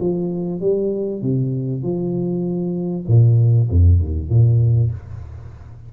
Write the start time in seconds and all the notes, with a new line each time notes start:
0.00 F3
0.60 G3
1.22 C3
1.82 F3
3.07 A#2
3.70 F2
4.00 D#2
4.30 A#2